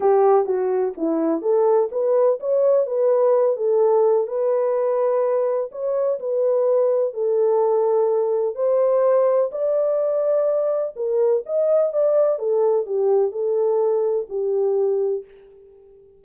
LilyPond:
\new Staff \with { instrumentName = "horn" } { \time 4/4 \tempo 4 = 126 g'4 fis'4 e'4 a'4 | b'4 cis''4 b'4. a'8~ | a'4 b'2. | cis''4 b'2 a'4~ |
a'2 c''2 | d''2. ais'4 | dis''4 d''4 a'4 g'4 | a'2 g'2 | }